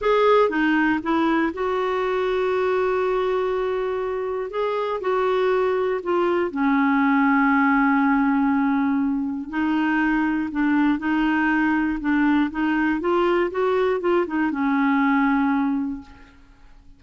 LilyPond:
\new Staff \with { instrumentName = "clarinet" } { \time 4/4 \tempo 4 = 120 gis'4 dis'4 e'4 fis'4~ | fis'1~ | fis'4 gis'4 fis'2 | f'4 cis'2.~ |
cis'2. dis'4~ | dis'4 d'4 dis'2 | d'4 dis'4 f'4 fis'4 | f'8 dis'8 cis'2. | }